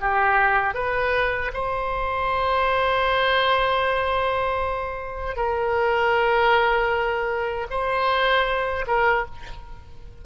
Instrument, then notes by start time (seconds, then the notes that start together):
oboe
0.00 G4
0.74 B4
1.53 C5
5.36 A#4
7.70 C5
8.87 A#4